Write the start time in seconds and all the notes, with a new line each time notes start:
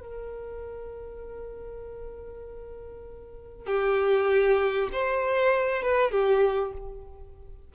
0.00 A#4
3.66 G4
4.92 C5
5.82 B4
6.11 G4